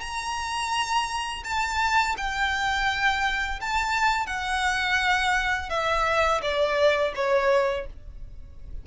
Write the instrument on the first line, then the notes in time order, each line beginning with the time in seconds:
violin
0.00 A#5
1.44 A5
2.17 G5
3.60 A5
4.26 F#5
5.69 E5
6.42 D5
7.15 C#5